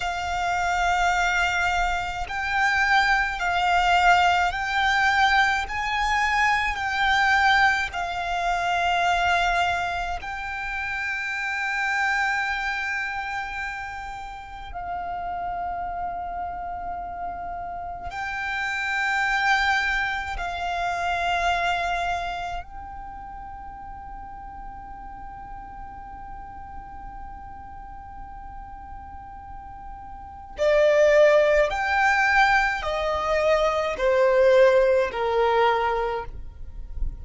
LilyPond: \new Staff \with { instrumentName = "violin" } { \time 4/4 \tempo 4 = 53 f''2 g''4 f''4 | g''4 gis''4 g''4 f''4~ | f''4 g''2.~ | g''4 f''2. |
g''2 f''2 | g''1~ | g''2. d''4 | g''4 dis''4 c''4 ais'4 | }